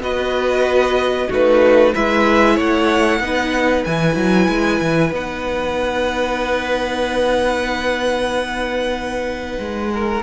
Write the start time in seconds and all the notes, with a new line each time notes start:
0.00 B3 F#4 B4 D#5
1.28 A3 D#4 F#4 B4
1.94 G#3 E4 B4 E5
2.55 A3 C#5 F#5
3.20 B3 D#4 B4
3.85 E3 E4 G#5
4.16 F#3
4.49 G#3
4.81 E3
5.12 B3 D#4 F#5
9.60 G#3
9.94 A#4